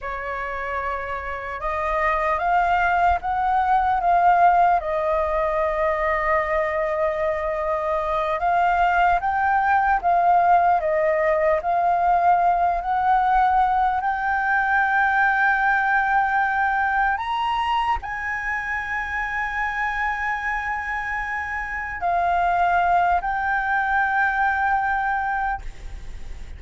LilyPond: \new Staff \with { instrumentName = "flute" } { \time 4/4 \tempo 4 = 75 cis''2 dis''4 f''4 | fis''4 f''4 dis''2~ | dis''2~ dis''8 f''4 g''8~ | g''8 f''4 dis''4 f''4. |
fis''4. g''2~ g''8~ | g''4. ais''4 gis''4.~ | gis''2.~ gis''8 f''8~ | f''4 g''2. | }